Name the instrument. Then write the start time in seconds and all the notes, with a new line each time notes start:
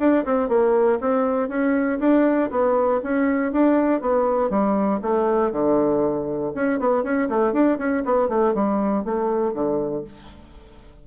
bassoon
0.00 D4
0.25 C4
0.49 A#3
1.01 C4
1.49 C#4
2.00 D4
2.51 B3
3.03 C#4
3.53 D4
4.01 B3
4.50 G3
5.02 A3
5.52 D3
6.55 C#4
6.80 B3
7.04 C#4
7.29 A3
7.53 D4
7.79 C#4
8.06 B3
8.29 A3
8.55 G3
9.05 A3
9.54 D3